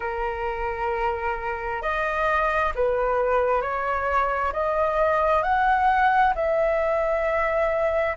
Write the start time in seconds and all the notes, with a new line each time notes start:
0.00 A#4
1.81 D#5
2.75 B4
3.61 C#5
4.52 D#5
5.42 F#5
6.35 E5